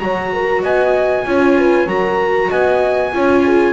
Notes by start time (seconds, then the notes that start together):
0.00 F#3 F#4 C#5 A#5
0.34 A#4
0.63 B3 D#5 G#5
1.26 C#4 F4 C#5
1.59 B4
1.87 F#3 F#4 A#4 A#5
2.49 B3 D#5 G#5
3.14 C#4 F4 C#5
3.45 G#4